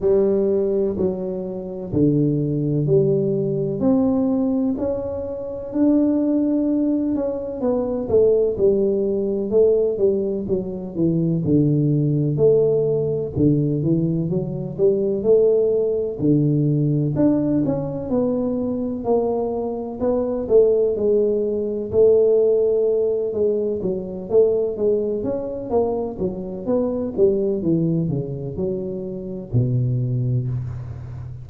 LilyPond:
\new Staff \with { instrumentName = "tuba" } { \time 4/4 \tempo 4 = 63 g4 fis4 d4 g4 | c'4 cis'4 d'4. cis'8 | b8 a8 g4 a8 g8 fis8 e8 | d4 a4 d8 e8 fis8 g8 |
a4 d4 d'8 cis'8 b4 | ais4 b8 a8 gis4 a4~ | a8 gis8 fis8 a8 gis8 cis'8 ais8 fis8 | b8 g8 e8 cis8 fis4 b,4 | }